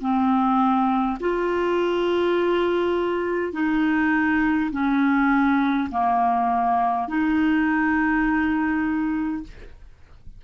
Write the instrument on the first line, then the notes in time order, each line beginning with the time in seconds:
clarinet
0.00 C4
1.19 F4
3.52 D#4
4.72 C#4
5.90 A#3
7.07 D#4